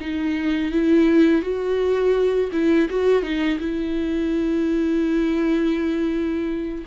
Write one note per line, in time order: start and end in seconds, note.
0.00 0.72 D#4
0.72 1.42 E4
1.42 2.50 F#4
2.52 2.88 E4
2.89 3.23 F#4
3.23 3.59 D#4
3.59 6.85 E4